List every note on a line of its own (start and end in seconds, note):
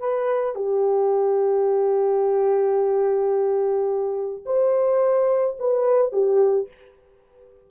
0.00 0.56 B4
0.56 4.45 G4
4.46 5.57 C5
5.60 6.13 B4
6.13 6.68 G4